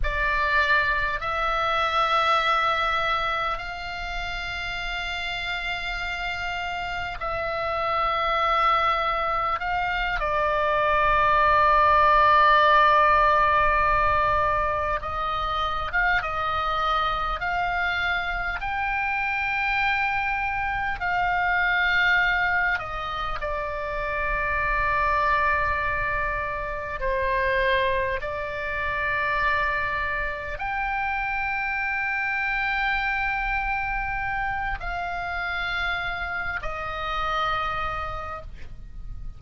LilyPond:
\new Staff \with { instrumentName = "oboe" } { \time 4/4 \tempo 4 = 50 d''4 e''2 f''4~ | f''2 e''2 | f''8 d''2.~ d''8~ | d''8 dis''8. f''16 dis''4 f''4 g''8~ |
g''4. f''4. dis''8 d''8~ | d''2~ d''8 c''4 d''8~ | d''4. g''2~ g''8~ | g''4 f''4. dis''4. | }